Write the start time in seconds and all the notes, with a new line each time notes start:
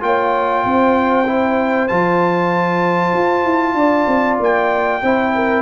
0.00 A#3 F4 C#5 G5
0.65 C4 C5
1.26 E4
1.88 F3 F4 A5
3.13 F4
3.44 E4
3.74 D4 D5
4.07 C4
4.39 A#3 G5
5.03 C4 E4 C5
5.35 A#4